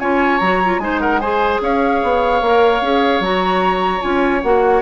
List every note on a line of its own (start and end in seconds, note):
0.00 0.41 C#4
0.00 0.41 F4
0.00 0.81 C#5
0.00 0.39 G#5
0.39 0.78 F#3
0.39 0.63 F#4
0.39 0.79 A#5
0.65 0.81 F4
0.78 1.59 G#3
0.78 1.21 D#4
0.78 1.01 C5
0.78 0.99 G#5
1.00 1.21 A#4
1.00 1.20 F#5
1.20 2.43 G#4
1.20 1.61 C5
1.20 1.60 G#5
1.61 2.02 C#4
1.61 4.82 C#5
1.61 3.24 F5
2.03 2.42 B3
2.42 2.82 A#3
2.42 2.83 A#4
2.82 3.20 C#4
2.82 3.23 G#4
3.20 4.01 F#3
3.20 4.01 F#4
3.20 4.02 A#5
4.01 4.43 C#4
4.01 4.41 F4
4.01 4.42 G#5
4.42 4.82 A#3
4.42 4.82 F#4
4.42 4.82 F#5